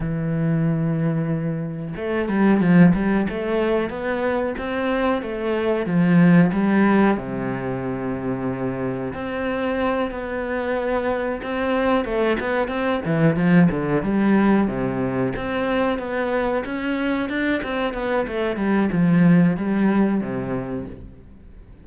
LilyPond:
\new Staff \with { instrumentName = "cello" } { \time 4/4 \tempo 4 = 92 e2. a8 g8 | f8 g8 a4 b4 c'4 | a4 f4 g4 c4~ | c2 c'4. b8~ |
b4. c'4 a8 b8 c'8 | e8 f8 d8 g4 c4 c'8~ | c'8 b4 cis'4 d'8 c'8 b8 | a8 g8 f4 g4 c4 | }